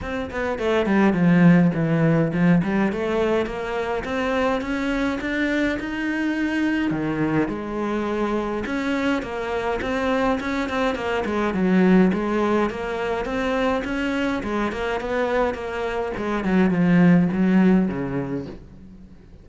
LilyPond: \new Staff \with { instrumentName = "cello" } { \time 4/4 \tempo 4 = 104 c'8 b8 a8 g8 f4 e4 | f8 g8 a4 ais4 c'4 | cis'4 d'4 dis'2 | dis4 gis2 cis'4 |
ais4 c'4 cis'8 c'8 ais8 gis8 | fis4 gis4 ais4 c'4 | cis'4 gis8 ais8 b4 ais4 | gis8 fis8 f4 fis4 cis4 | }